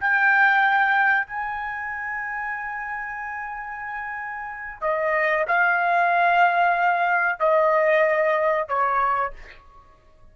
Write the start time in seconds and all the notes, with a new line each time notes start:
0.00 G5
1.27 G#5
4.81 D#5
5.48 F5
7.40 D#5
8.68 C#5